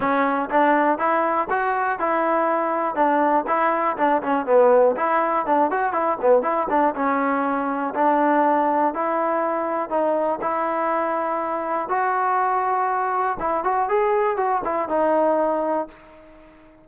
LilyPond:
\new Staff \with { instrumentName = "trombone" } { \time 4/4 \tempo 4 = 121 cis'4 d'4 e'4 fis'4 | e'2 d'4 e'4 | d'8 cis'8 b4 e'4 d'8 fis'8 | e'8 b8 e'8 d'8 cis'2 |
d'2 e'2 | dis'4 e'2. | fis'2. e'8 fis'8 | gis'4 fis'8 e'8 dis'2 | }